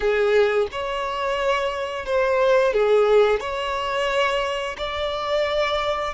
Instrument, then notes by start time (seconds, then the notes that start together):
violin
0.00 G#4
0.71 C#5
2.05 C5
2.73 G#4
3.40 C#5
4.77 D5